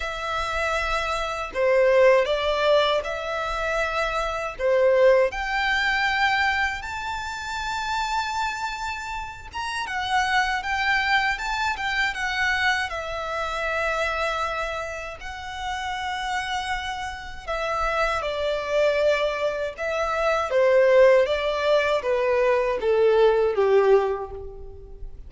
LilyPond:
\new Staff \with { instrumentName = "violin" } { \time 4/4 \tempo 4 = 79 e''2 c''4 d''4 | e''2 c''4 g''4~ | g''4 a''2.~ | a''8 ais''8 fis''4 g''4 a''8 g''8 |
fis''4 e''2. | fis''2. e''4 | d''2 e''4 c''4 | d''4 b'4 a'4 g'4 | }